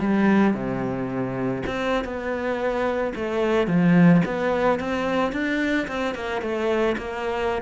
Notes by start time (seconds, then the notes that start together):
0.00 G3
0.54 C3
1.67 C4
2.05 B3
3.16 A3
3.68 F3
4.25 B3
4.80 C4
5.33 D4
5.88 C4
6.15 A#3
6.42 A3
6.98 A#3